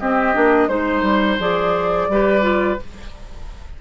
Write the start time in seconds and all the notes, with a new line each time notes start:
0.00 C4 G4 D#5
0.35 A#3 D4
0.69 G#3 D#4 C5
1.03 G3
1.40 F3 G#4 D5
2.09 G3 G4 B4
2.43 F4